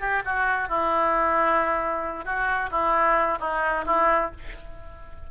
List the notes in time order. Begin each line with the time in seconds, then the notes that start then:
0.00 G4
0.25 F#4
0.69 E4
2.25 F#4
2.71 E4
3.40 D#4
3.86 E4